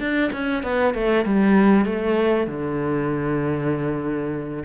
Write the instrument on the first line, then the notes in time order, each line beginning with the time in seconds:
cello
0.00 D4
0.33 C#4
0.64 B3
0.94 A3
1.25 G3
1.86 A3
2.47 D3